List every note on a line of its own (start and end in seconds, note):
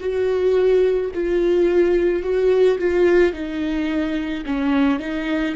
0.00 1.11 F#4
1.14 2.23 F4
2.23 2.78 F#4
2.78 3.33 F4
3.33 4.44 D#4
4.45 4.99 C#4
4.99 5.55 D#4